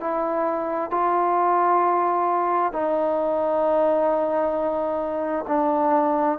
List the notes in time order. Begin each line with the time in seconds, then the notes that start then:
0.00 E4
0.91 F4
2.73 D#4
5.48 D4